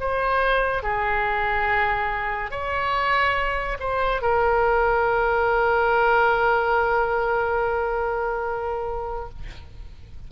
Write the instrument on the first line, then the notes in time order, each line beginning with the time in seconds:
oboe
0.00 C5
0.83 G#4
2.51 C#5
3.80 C5
4.22 A#4